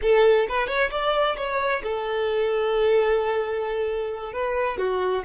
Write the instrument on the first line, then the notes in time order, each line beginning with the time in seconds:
violin
0.01 A4
0.49 B4
0.67 C#5
0.90 D5
1.36 C#5
1.83 A4
4.33 B4
4.77 F#4